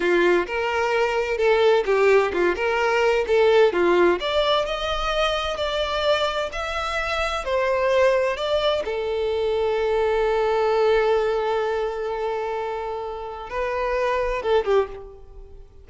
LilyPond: \new Staff \with { instrumentName = "violin" } { \time 4/4 \tempo 4 = 129 f'4 ais'2 a'4 | g'4 f'8 ais'4. a'4 | f'4 d''4 dis''2 | d''2 e''2 |
c''2 d''4 a'4~ | a'1~ | a'1~ | a'4 b'2 a'8 g'8 | }